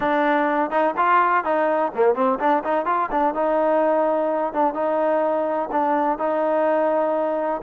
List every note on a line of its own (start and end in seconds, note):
0.00 0.70 D4
0.70 0.94 D#4
0.96 1.44 F4
1.44 1.92 D#4
1.94 2.15 A#3
2.15 2.38 C4
2.39 2.63 D4
2.63 2.85 D#4
2.85 3.09 F4
3.11 3.34 D4
3.34 4.53 D#4
4.53 4.74 D4
4.74 5.69 D#4
5.71 6.18 D4
6.18 7.61 D#4